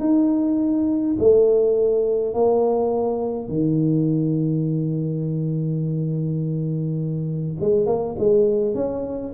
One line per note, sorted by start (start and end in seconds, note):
0.00 1.17 D#4
1.19 2.34 A3
2.34 3.49 A#3
3.49 7.56 D#3
7.60 7.86 G#3
7.86 8.16 A#3
8.19 8.75 G#3
8.75 9.33 C#4